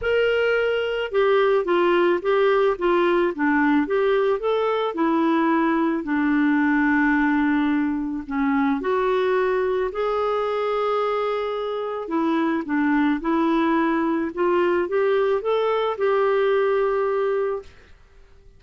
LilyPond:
\new Staff \with { instrumentName = "clarinet" } { \time 4/4 \tempo 4 = 109 ais'2 g'4 f'4 | g'4 f'4 d'4 g'4 | a'4 e'2 d'4~ | d'2. cis'4 |
fis'2 gis'2~ | gis'2 e'4 d'4 | e'2 f'4 g'4 | a'4 g'2. | }